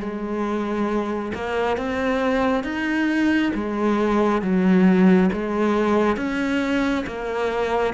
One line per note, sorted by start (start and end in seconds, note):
0.00 1.32 G#3
1.35 1.78 A#3
1.78 2.64 C4
2.64 3.53 D#4
3.55 4.42 G#3
4.42 5.30 F#3
5.33 6.17 G#3
6.17 7.05 C#4
7.07 7.95 A#3